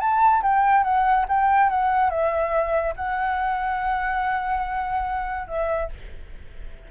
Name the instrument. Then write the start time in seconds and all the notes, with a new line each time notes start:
flute
0.00 A5
0.42 G5
0.83 F#5
1.28 G5
1.69 F#5
2.10 E5
2.96 F#5
5.47 E5